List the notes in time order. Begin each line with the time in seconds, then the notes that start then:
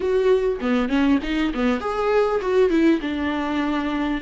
0.00 F#4
0.60 B3
0.88 C#4
1.22 D#4
1.54 B3
1.80 G#4
2.41 F#4
2.70 E4
3.01 D4